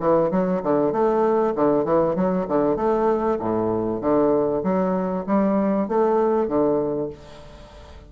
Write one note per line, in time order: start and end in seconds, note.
0.00 0.31 E3
0.31 0.62 F#3
0.63 0.93 D3
0.93 1.54 A3
1.55 1.85 D3
1.85 2.16 E3
2.16 2.47 F#3
2.48 2.76 D3
2.76 3.38 A3
3.40 4.01 A2
4.01 4.63 D3
4.64 5.25 F#3
5.27 5.88 G3
5.88 6.48 A3
6.48 7.10 D3